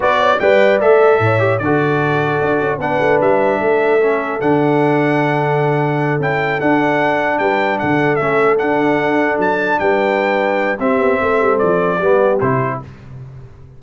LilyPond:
<<
  \new Staff \with { instrumentName = "trumpet" } { \time 4/4 \tempo 4 = 150 d''4 g''4 e''2 | d''2. fis''4 | e''2. fis''4~ | fis''2.~ fis''8 g''8~ |
g''8 fis''2 g''4 fis''8~ | fis''8 e''4 fis''2 a''8~ | a''8 g''2~ g''8 e''4~ | e''4 d''2 c''4 | }
  \new Staff \with { instrumentName = "horn" } { \time 4/4 b'8 cis''8 d''2 cis''4 | a'2. b'4~ | b'4 a'2.~ | a'1~ |
a'2~ a'8 b'4 a'8~ | a'1~ | a'8 b'2~ b'8 g'4 | a'2 g'2 | }
  \new Staff \with { instrumentName = "trombone" } { \time 4/4 fis'4 b'4 a'4. g'8 | fis'2. d'4~ | d'2 cis'4 d'4~ | d'2.~ d'8 e'8~ |
e'8 d'2.~ d'8~ | d'8 cis'4 d'2~ d'8~ | d'2. c'4~ | c'2 b4 e'4 | }
  \new Staff \with { instrumentName = "tuba" } { \time 4/4 b4 g4 a4 a,4 | d2 d'8 cis'8 b8 a8 | g4 a2 d4~ | d2.~ d8 cis'8~ |
cis'8 d'2 g4 d8~ | d8 a4 d'2 fis8~ | fis8 g2~ g8 c'8 b8 | a8 g8 f4 g4 c4 | }
>>